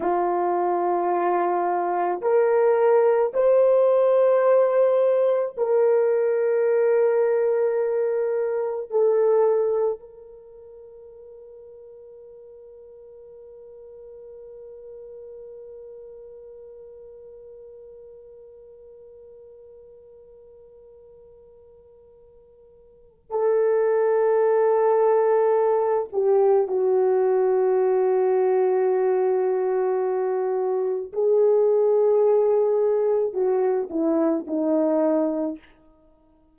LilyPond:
\new Staff \with { instrumentName = "horn" } { \time 4/4 \tempo 4 = 54 f'2 ais'4 c''4~ | c''4 ais'2. | a'4 ais'2.~ | ais'1~ |
ais'1~ | ais'4 a'2~ a'8 g'8 | fis'1 | gis'2 fis'8 e'8 dis'4 | }